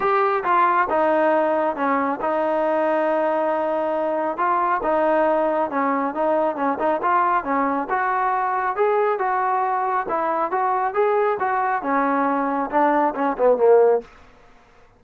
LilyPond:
\new Staff \with { instrumentName = "trombone" } { \time 4/4 \tempo 4 = 137 g'4 f'4 dis'2 | cis'4 dis'2.~ | dis'2 f'4 dis'4~ | dis'4 cis'4 dis'4 cis'8 dis'8 |
f'4 cis'4 fis'2 | gis'4 fis'2 e'4 | fis'4 gis'4 fis'4 cis'4~ | cis'4 d'4 cis'8 b8 ais4 | }